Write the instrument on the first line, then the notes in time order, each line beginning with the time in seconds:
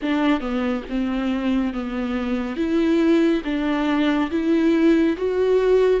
viola
0.02 D4
0.40 B3
0.89 C4
1.73 B3
2.56 E4
3.44 D4
4.31 E4
5.17 F#4